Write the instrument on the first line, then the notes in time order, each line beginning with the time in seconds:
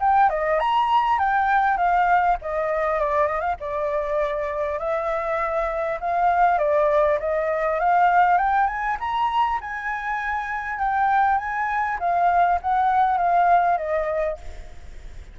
flute
0.00 G5
0.29 D#5
0.60 A#5
1.19 G5
1.77 F5
2.41 D#5
3.00 D5
3.27 D#5
3.40 F5
3.60 D5
4.79 E5
6.00 F5
6.58 D5
7.19 D#5
7.80 F5
8.38 G5
8.67 G#5
9.00 A#5
9.61 G#5
10.79 G5
11.38 G#5
12.00 F5
12.62 F#5
13.17 F5
13.78 D#5